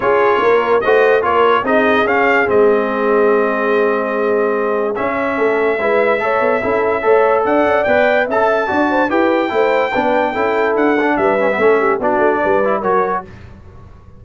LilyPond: <<
  \new Staff \with { instrumentName = "trumpet" } { \time 4/4 \tempo 4 = 145 cis''2 dis''4 cis''4 | dis''4 f''4 dis''2~ | dis''1 | e''1~ |
e''2 fis''4 g''4 | a''2 g''2~ | g''2 fis''4 e''4~ | e''4 d''2 cis''4 | }
  \new Staff \with { instrumentName = "horn" } { \time 4/4 gis'4 ais'4 c''4 ais'4 | gis'1~ | gis'1~ | gis'4 a'4 b'4 cis''4 |
a'4 cis''4 d''2 | e''4 d''8 c''8 b'4 c''4 | b'4 a'2 b'4 | a'8 g'8 fis'4 b'4 ais'4 | }
  \new Staff \with { instrumentName = "trombone" } { \time 4/4 f'2 fis'4 f'4 | dis'4 cis'4 c'2~ | c'1 | cis'2 e'4 a'4 |
e'4 a'2 b'4 | a'4 fis'4 g'4 e'4 | d'4 e'4. d'4 cis'16 b16 | cis'4 d'4. e'8 fis'4 | }
  \new Staff \with { instrumentName = "tuba" } { \time 4/4 cis'4 ais4 a4 ais4 | c'4 cis'4 gis2~ | gis1 | cis'4 a4 gis4 a8 b8 |
cis'4 a4 d'8 cis'8 b4 | cis'4 d'4 e'4 a4 | b4 cis'4 d'4 g4 | a4 b8 a8 g4 fis4 | }
>>